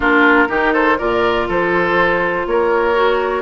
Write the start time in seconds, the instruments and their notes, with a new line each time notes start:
0.00 bassoon A#3, clarinet D4, oboe F4, flute A#4
0.47 bassoon D#3, clarinet D#4, oboe G4
0.73 oboe A4, flute C5
0.98 bassoon A#2, clarinet F4, oboe A#4, flute D5
1.48 bassoon F3, oboe A4, flute C5
2.46 bassoon A#3, oboe A#4, flute C#5
2.95 clarinet F#4